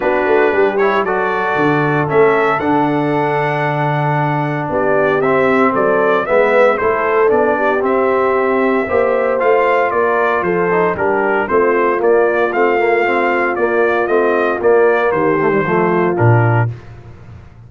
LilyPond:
<<
  \new Staff \with { instrumentName = "trumpet" } { \time 4/4 \tempo 4 = 115 b'4. cis''8 d''2 | e''4 fis''2.~ | fis''4 d''4 e''4 d''4 | e''4 c''4 d''4 e''4~ |
e''2 f''4 d''4 | c''4 ais'4 c''4 d''4 | f''2 d''4 dis''4 | d''4 c''2 ais'4 | }
  \new Staff \with { instrumentName = "horn" } { \time 4/4 fis'4 g'4 a'2~ | a'1~ | a'4 g'2 a'4 | b'4 a'4. g'4.~ |
g'4 c''2 ais'4 | a'4 g'4 f'2~ | f'1~ | f'4 g'4 f'2 | }
  \new Staff \with { instrumentName = "trombone" } { \time 4/4 d'4. e'8 fis'2 | cis'4 d'2.~ | d'2 c'2 | b4 e'4 d'4 c'4~ |
c'4 g'4 f'2~ | f'8 dis'8 d'4 c'4 ais4 | c'8 ais8 c'4 ais4 c'4 | ais4. a16 g16 a4 d'4 | }
  \new Staff \with { instrumentName = "tuba" } { \time 4/4 b8 a8 g4 fis4 d4 | a4 d2.~ | d4 b4 c'4 fis4 | gis4 a4 b4 c'4~ |
c'4 ais4 a4 ais4 | f4 g4 a4 ais4 | a2 ais4 a4 | ais4 dis4 f4 ais,4 | }
>>